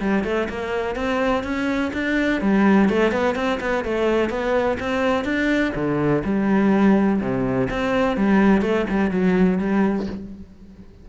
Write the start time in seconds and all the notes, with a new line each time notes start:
0.00 G3
0.24 A3
0.49 A#3
0.96 C4
1.44 C#4
1.93 D4
2.41 G3
2.89 A3
3.12 B3
3.35 C4
3.60 B3
3.84 A3
4.30 B3
4.80 C4
5.24 D4
5.75 D3
6.24 G3
7.21 C3
7.70 C4
8.17 G3
8.62 A3
8.90 G3
9.11 F#3
9.58 G3